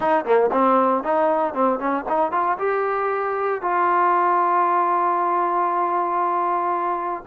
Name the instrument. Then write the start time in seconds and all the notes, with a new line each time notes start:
trombone
0.00 D#4
0.24 A#3
0.51 C4
1.03 D#4
1.54 C4
1.79 C#4
2.09 D#4
2.31 F4
2.58 G4
3.61 F4